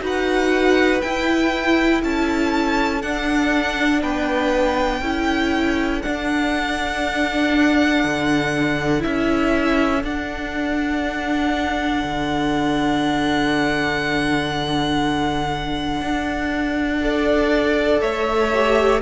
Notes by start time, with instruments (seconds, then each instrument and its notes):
0.00 cello D#4, viola F#4, violin B4
0.06 violin F#5
1.01 cello E4, viola E4, violin G5
2.03 cello C#4, violin A4 A5
3.01 viola D4, cello D4, violin F#5
4.02 cello B3, violin B4 G5
5.01 cello C#4, viola E4, violin A4
6.02 viola D4, cello D4, violin F#5
8.04 cello D3
8.99 viola E4, violin E5
9.05 cello C#4
10.03 cello D4, viola D4, violin F#5
12.03 cello D3
16.01 cello D4
17.01 viola A4, violin D5
18.01 cello A3, violin C#5 E5
18.52 viola G4